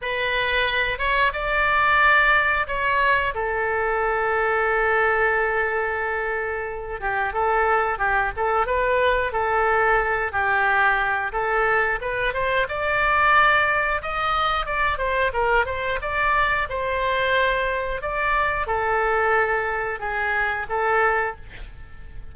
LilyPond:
\new Staff \with { instrumentName = "oboe" } { \time 4/4 \tempo 4 = 90 b'4. cis''8 d''2 | cis''4 a'2.~ | a'2~ a'8 g'8 a'4 | g'8 a'8 b'4 a'4. g'8~ |
g'4 a'4 b'8 c''8 d''4~ | d''4 dis''4 d''8 c''8 ais'8 c''8 | d''4 c''2 d''4 | a'2 gis'4 a'4 | }